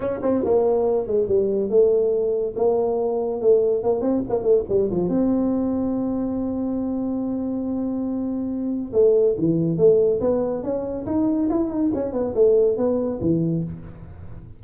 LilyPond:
\new Staff \with { instrumentName = "tuba" } { \time 4/4 \tempo 4 = 141 cis'8 c'8 ais4. gis8 g4 | a2 ais2 | a4 ais8 c'8 ais8 a8 g8 f8 | c'1~ |
c'1~ | c'4 a4 e4 a4 | b4 cis'4 dis'4 e'8 dis'8 | cis'8 b8 a4 b4 e4 | }